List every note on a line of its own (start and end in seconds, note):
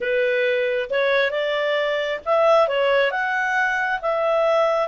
0.00 0.89 B4
0.89 1.31 C#5
1.31 2.19 D5
2.25 2.67 E5
2.67 3.11 C#5
3.11 4.00 F#5
4.01 4.88 E5